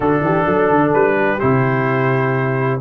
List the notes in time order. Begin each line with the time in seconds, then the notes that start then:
0.00 D3 D4 F#4 A4
0.21 E3 G4
0.44 F#3 A4
0.69 D3
0.93 G3 B4
1.17 G4
1.39 C3 E4 C5